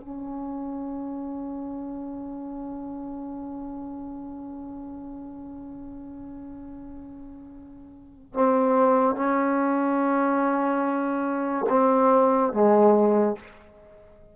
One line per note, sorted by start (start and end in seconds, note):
0.00 8.33 C#4
8.34 9.15 C4
9.15 11.65 C#4
11.69 12.52 C4
12.52 13.36 G#3